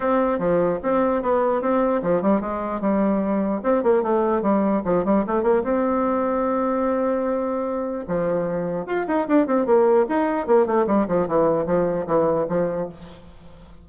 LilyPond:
\new Staff \with { instrumentName = "bassoon" } { \time 4/4 \tempo 4 = 149 c'4 f4 c'4 b4 | c'4 f8 g8 gis4 g4~ | g4 c'8 ais8 a4 g4 | f8 g8 a8 ais8 c'2~ |
c'1 | f2 f'8 dis'8 d'8 c'8 | ais4 dis'4 ais8 a8 g8 f8 | e4 f4 e4 f4 | }